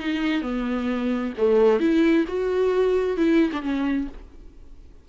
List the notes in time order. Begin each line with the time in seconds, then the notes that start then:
0.00 D#4
0.43 B3
1.38 A3
1.80 E4
2.28 F#4
3.18 E4
3.53 D4
3.63 C#4